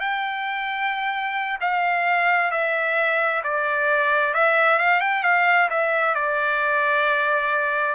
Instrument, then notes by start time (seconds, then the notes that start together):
trumpet
0.00 G5
1.61 F5
2.51 E5
3.44 D5
4.34 E5
4.79 F5
5.01 G5
5.24 F5
5.70 E5
6.15 D5